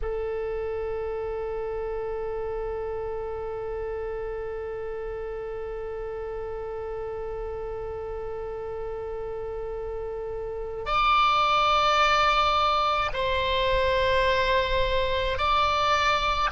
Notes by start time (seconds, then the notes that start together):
0.01 A4
10.85 D5
13.12 C5
15.38 D5